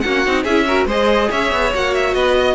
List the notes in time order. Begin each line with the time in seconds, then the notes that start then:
0.00 A#3 F#4 F#5
0.07 C#4
0.25 C4 D#4
0.43 C#4 E4 G#4 E5
0.66 F#4 A#4
0.85 G#3 G#4 C5 D#5
1.30 C#4 C#5 E5
1.52 B3
1.73 A#3 F#4 F#5
1.94 E5
2.14 B3 B4 D#5
2.38 D#5